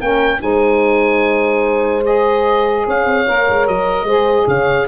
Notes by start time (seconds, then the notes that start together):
0.00 A#3 C#4 A#4 G5
0.40 G#3 D#4 C5 G#5
2.05 G#4 D#5
2.87 C#4 C#5 F5
3.06 C4
3.27 A#3 A#4
3.49 G#3
3.68 F#3 D#5
4.04 G#3 G#4 C5
4.47 C#3 C#5 F5